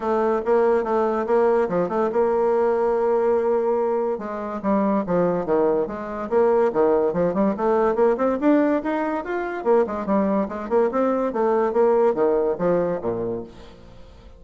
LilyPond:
\new Staff \with { instrumentName = "bassoon" } { \time 4/4 \tempo 4 = 143 a4 ais4 a4 ais4 | f8 a8 ais2.~ | ais2 gis4 g4 | f4 dis4 gis4 ais4 |
dis4 f8 g8 a4 ais8 c'8 | d'4 dis'4 f'4 ais8 gis8 | g4 gis8 ais8 c'4 a4 | ais4 dis4 f4 ais,4 | }